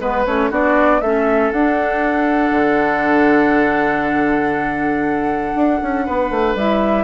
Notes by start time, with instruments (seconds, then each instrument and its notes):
0.00 bassoon G#3, clarinet B3, oboe B4, flute B4
0.26 bassoon A3, clarinet C#4, flute C#5
0.51 bassoon B3, clarinet D4, oboe F#4, flute D5
1.01 bassoon A3, clarinet C#4, oboe A4, flute E5
1.52 bassoon D4, clarinet D4, flute F#5
2.51 bassoon D3
5.55 bassoon D4
5.82 bassoon C#4
6.06 bassoon B3, oboe B4
6.31 bassoon A3
6.55 bassoon G3, clarinet E4, flute E5